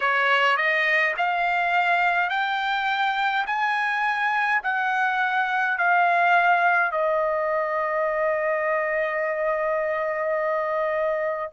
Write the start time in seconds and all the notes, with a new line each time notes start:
0.00 C#5
0.56 D#5
1.17 F5
2.29 G5
3.46 G#5
4.63 F#5
5.77 F5
6.91 D#5